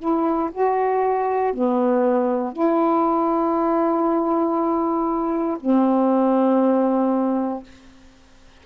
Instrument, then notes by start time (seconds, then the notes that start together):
saxophone
0.00 E4
0.52 F#4
1.53 B3
2.53 E4
5.60 C4